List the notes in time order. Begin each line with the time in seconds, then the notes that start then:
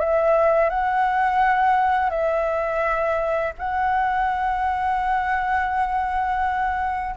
0.00 E5
0.70 F#5
2.10 E5
3.59 F#5